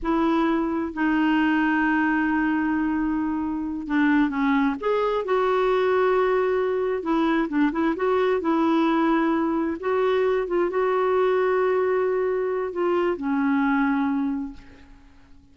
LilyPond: \new Staff \with { instrumentName = "clarinet" } { \time 4/4 \tempo 4 = 132 e'2 dis'2~ | dis'1~ | dis'8 d'4 cis'4 gis'4 fis'8~ | fis'2.~ fis'8 e'8~ |
e'8 d'8 e'8 fis'4 e'4.~ | e'4. fis'4. f'8 fis'8~ | fis'1 | f'4 cis'2. | }